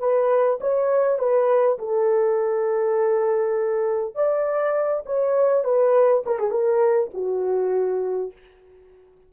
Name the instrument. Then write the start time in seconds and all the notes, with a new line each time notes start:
horn
0.00 B4
0.61 C#5
1.19 B4
1.79 A4
4.15 D5
5.06 C#5
5.65 B4
6.26 A#4
6.39 G#4
6.51 A#4
7.14 F#4